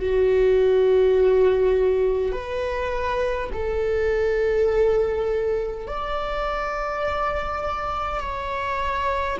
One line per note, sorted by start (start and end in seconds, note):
0.00 2.32 F#4
2.32 3.50 B4
3.52 5.87 A4
5.87 8.20 D5
8.20 9.37 C#5